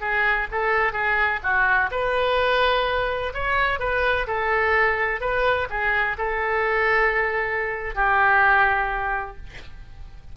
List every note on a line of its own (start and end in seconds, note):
0.00 0.47 G#4
0.51 0.93 A4
0.93 1.40 G#4
1.43 1.90 F#4
1.91 3.33 B4
3.33 3.79 C#5
3.79 4.26 B4
4.27 5.21 A4
5.21 5.68 B4
5.70 6.17 G#4
6.18 7.95 A4
7.95 9.36 G4